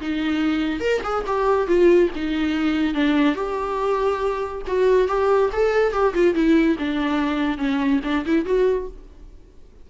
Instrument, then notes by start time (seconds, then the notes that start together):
viola
0.00 D#4
0.80 A#4
1.03 G#4
1.26 G4
1.67 F4
2.15 D#4
2.94 D4
3.35 G4
4.67 F#4
5.07 G4
5.52 A4
5.92 G4
6.14 F4
6.34 E4
6.78 D4
7.57 C#4
8.03 D4
8.25 E4
8.45 F#4